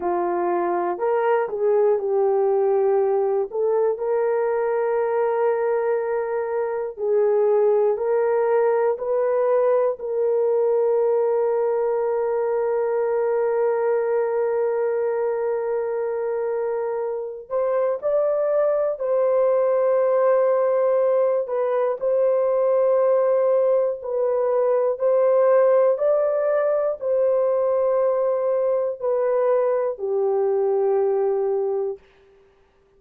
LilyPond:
\new Staff \with { instrumentName = "horn" } { \time 4/4 \tempo 4 = 60 f'4 ais'8 gis'8 g'4. a'8 | ais'2. gis'4 | ais'4 b'4 ais'2~ | ais'1~ |
ais'4. c''8 d''4 c''4~ | c''4. b'8 c''2 | b'4 c''4 d''4 c''4~ | c''4 b'4 g'2 | }